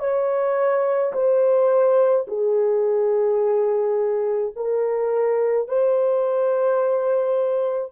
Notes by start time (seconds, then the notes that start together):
0.00 C#5
1.13 C5
2.28 G#4
4.56 A#4
5.69 C5